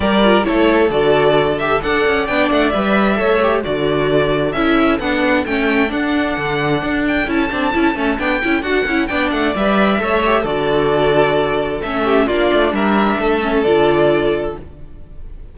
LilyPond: <<
  \new Staff \with { instrumentName = "violin" } { \time 4/4 \tempo 4 = 132 d''4 cis''4 d''4. e''8 | fis''4 g''8 fis''8 e''2 | d''2 e''4 fis''4 | g''4 fis''2~ fis''8 g''8 |
a''2 g''4 fis''4 | g''8 fis''8 e''2 d''4~ | d''2 e''4 d''4 | e''2 d''2 | }
  \new Staff \with { instrumentName = "violin" } { \time 4/4 ais'4 a'2. | d''2. cis''4 | a'1~ | a'1~ |
a'1 | d''2 cis''4 a'4~ | a'2~ a'8 g'8 f'4 | ais'4 a'2. | }
  \new Staff \with { instrumentName = "viola" } { \time 4/4 g'8 f'8 e'4 fis'4. g'8 | a'4 d'4 b'4 a'8 g'8 | fis'2 e'4 d'4 | cis'4 d'2. |
e'8 d'8 e'8 cis'8 d'8 e'8 fis'8 e'8 | d'4 b'4 a'8 g'8 fis'4~ | fis'2 cis'4 d'4~ | d'4. cis'8 f'2 | }
  \new Staff \with { instrumentName = "cello" } { \time 4/4 g4 a4 d2 | d'8 cis'8 b8 a8 g4 a4 | d2 cis'4 b4 | a4 d'4 d4 d'4 |
cis'8 c'8 cis'8 a8 b8 cis'8 d'8 cis'8 | b8 a8 g4 a4 d4~ | d2 a4 ais8 a8 | g4 a4 d2 | }
>>